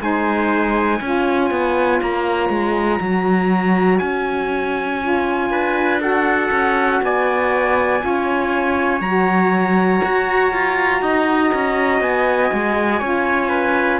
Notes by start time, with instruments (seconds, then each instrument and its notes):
0.00 cello G#3, saxophone D#4, trumpet C5 G#5
1.01 cello C#4, saxophone F4, trumpet C#5
1.51 cello B3
2.02 cello A#3, trumpet A#5
2.50 cello G#3
3.00 cello F#3, saxophone F#4
3.99 cello C#4, trumpet G#5
5.00 saxophone F4
5.50 cello D4, trumpet B4
6.00 saxophone F#4, trumpet A4 F#5
6.51 cello C#4
7.03 cello B3, trumpet D5 G#5
8.00 cello C#4, saxophone F4, trumpet C#5
9.01 cello F#3, saxophone F#4, trumpet A#5
10.04 cello F#4
10.53 cello F4
11.02 cello D#4, trumpet D#5
11.54 cello C#4
12.01 cello B3, trumpet G#5
12.53 cello G#3
13.00 cello C#4, saxophone F4, trumpet C#5
13.49 trumpet B4